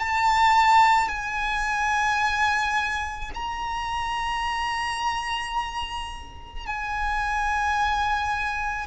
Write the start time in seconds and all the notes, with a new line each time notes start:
0.00 A5
1.09 G#5
3.35 A#5
6.67 G#5